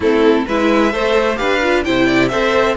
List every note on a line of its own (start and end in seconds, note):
0.00 0.44 A3
0.00 0.48 C4
0.00 0.46 E4
0.00 0.47 A4
0.46 0.93 G#3
0.46 0.92 E4
0.46 0.92 B4
0.46 1.37 E5
0.92 1.39 A3
0.92 1.36 A4
0.92 1.38 C5
1.36 1.86 D4
1.36 1.59 G4
1.36 1.84 B4
1.36 1.83 F5
1.62 1.84 F4
1.84 2.32 C3
1.84 2.30 E4
1.84 2.06 C5
1.84 2.28 G5
2.06 2.29 D5
2.28 2.77 C4
2.28 2.77 A4
2.28 2.76 C5
2.28 2.74 E5